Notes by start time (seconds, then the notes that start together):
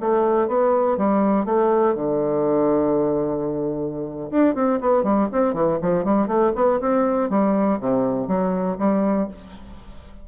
0.00 A3
0.48 B3
0.97 G3
1.45 A3
1.95 D3
4.31 D4
4.55 C4
4.81 B3
5.03 G3
5.32 C4
5.54 E3
5.82 F3
6.05 G3
6.27 A3
6.55 B3
6.80 C4
7.30 G3
7.80 C3
8.28 F#3
8.79 G3